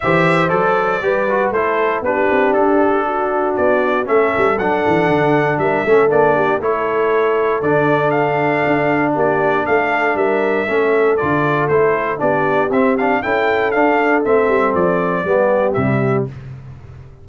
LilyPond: <<
  \new Staff \with { instrumentName = "trumpet" } { \time 4/4 \tempo 4 = 118 e''4 d''2 c''4 | b'4 a'2 d''4 | e''4 fis''2 e''4 | d''4 cis''2 d''4 |
f''2 d''4 f''4 | e''2 d''4 c''4 | d''4 e''8 f''8 g''4 f''4 | e''4 d''2 e''4 | }
  \new Staff \with { instrumentName = "horn" } { \time 4/4 c''2 b'4 a'4 | g'2 fis'2 | a'2. ais'8 a'8~ | a'8 g'8 a'2.~ |
a'2 g'4 a'4 | ais'4 a'2. | g'2 a'2~ | a'2 g'2 | }
  \new Staff \with { instrumentName = "trombone" } { \time 4/4 g'4 a'4 g'8 fis'8 e'4 | d'1 | cis'4 d'2~ d'8 cis'8 | d'4 e'2 d'4~ |
d'1~ | d'4 cis'4 f'4 e'4 | d'4 c'8 d'8 e'4 d'4 | c'2 b4 g4 | }
  \new Staff \with { instrumentName = "tuba" } { \time 4/4 e4 fis4 g4 a4 | b8 c'8 d'2 b4 | a8 g8 fis8 e8 d4 g8 a8 | ais4 a2 d4~ |
d4 d'4 ais4 a4 | g4 a4 d4 a4 | b4 c'4 cis'4 d'4 | a8 g8 f4 g4 c4 | }
>>